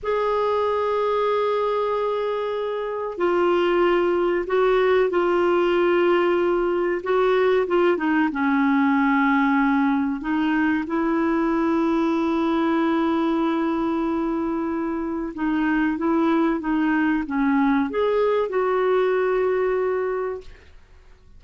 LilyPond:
\new Staff \with { instrumentName = "clarinet" } { \time 4/4 \tempo 4 = 94 gis'1~ | gis'4 f'2 fis'4 | f'2. fis'4 | f'8 dis'8 cis'2. |
dis'4 e'2.~ | e'1 | dis'4 e'4 dis'4 cis'4 | gis'4 fis'2. | }